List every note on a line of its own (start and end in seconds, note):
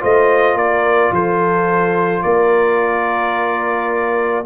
0.00 0.54 A3
0.00 4.44 F4
0.00 0.57 C5
0.00 0.57 D#5
0.54 1.10 A#3
0.54 1.13 A#4
0.54 1.13 D5
1.12 2.23 F3
1.12 2.23 A4
1.12 2.22 C5
2.22 4.45 A#3
2.22 4.45 A#4
2.22 4.45 D5